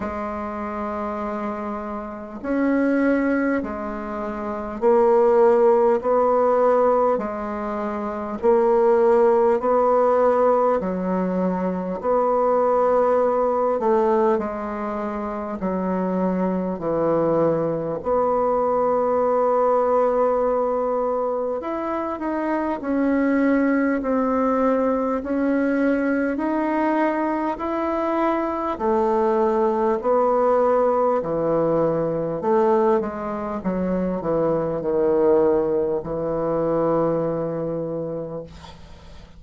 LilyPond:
\new Staff \with { instrumentName = "bassoon" } { \time 4/4 \tempo 4 = 50 gis2 cis'4 gis4 | ais4 b4 gis4 ais4 | b4 fis4 b4. a8 | gis4 fis4 e4 b4~ |
b2 e'8 dis'8 cis'4 | c'4 cis'4 dis'4 e'4 | a4 b4 e4 a8 gis8 | fis8 e8 dis4 e2 | }